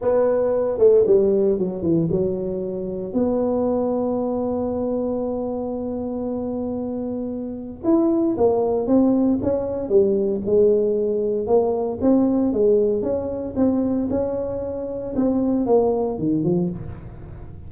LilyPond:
\new Staff \with { instrumentName = "tuba" } { \time 4/4 \tempo 4 = 115 b4. a8 g4 fis8 e8 | fis2 b2~ | b1~ | b2. e'4 |
ais4 c'4 cis'4 g4 | gis2 ais4 c'4 | gis4 cis'4 c'4 cis'4~ | cis'4 c'4 ais4 dis8 f8 | }